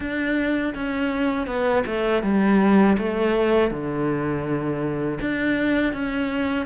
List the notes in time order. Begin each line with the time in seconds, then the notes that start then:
0.00 D4
0.74 C#4
1.46 B3
1.86 A3
2.22 G3
2.98 A3
3.70 D3
5.21 D4
5.93 C#4